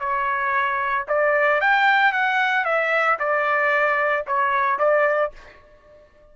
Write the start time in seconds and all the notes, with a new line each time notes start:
0.00 C#5
1.09 D5
1.61 G5
2.13 F#5
2.65 E5
3.20 D5
4.27 C#5
4.79 D5